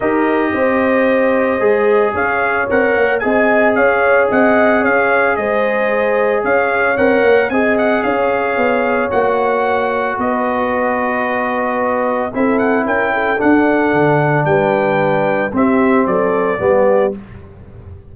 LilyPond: <<
  \new Staff \with { instrumentName = "trumpet" } { \time 4/4 \tempo 4 = 112 dis''1 | f''4 fis''4 gis''4 f''4 | fis''4 f''4 dis''2 | f''4 fis''4 gis''8 fis''8 f''4~ |
f''4 fis''2 dis''4~ | dis''2. e''8 fis''8 | g''4 fis''2 g''4~ | g''4 e''4 d''2 | }
  \new Staff \with { instrumentName = "horn" } { \time 4/4 ais'4 c''2. | cis''2 dis''4 cis''4 | dis''4 cis''4 c''2 | cis''2 dis''4 cis''4~ |
cis''2. b'4~ | b'2. a'4 | ais'8 a'2~ a'8 b'4~ | b'4 g'4 a'4 g'4 | }
  \new Staff \with { instrumentName = "trombone" } { \time 4/4 g'2. gis'4~ | gis'4 ais'4 gis'2~ | gis'1~ | gis'4 ais'4 gis'2~ |
gis'4 fis'2.~ | fis'2. e'4~ | e'4 d'2.~ | d'4 c'2 b4 | }
  \new Staff \with { instrumentName = "tuba" } { \time 4/4 dis'4 c'2 gis4 | cis'4 c'8 ais8 c'4 cis'4 | c'4 cis'4 gis2 | cis'4 c'8 ais8 c'4 cis'4 |
b4 ais2 b4~ | b2. c'4 | cis'4 d'4 d4 g4~ | g4 c'4 fis4 g4 | }
>>